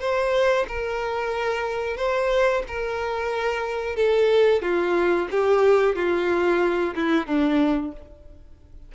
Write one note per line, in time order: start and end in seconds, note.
0.00 0.66 C5
0.68 1.97 A#4
1.97 2.63 C5
2.67 3.96 A#4
3.96 4.62 A4
4.62 5.28 F4
5.30 5.96 G4
5.96 6.94 F4
6.95 7.26 E4
7.26 7.92 D4